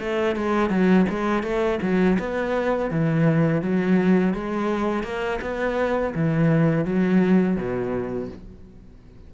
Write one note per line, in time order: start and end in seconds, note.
0.00 0.36 A3
0.36 0.70 G#3
0.70 1.06 F#3
1.10 1.43 G#3
1.43 1.79 A3
1.82 2.19 F#3
2.19 2.91 B3
2.91 3.62 E3
3.62 4.34 F#3
4.34 5.04 G#3
5.04 5.40 A#3
5.42 6.14 B3
6.15 6.85 E3
6.85 7.57 F#3
7.57 8.29 B2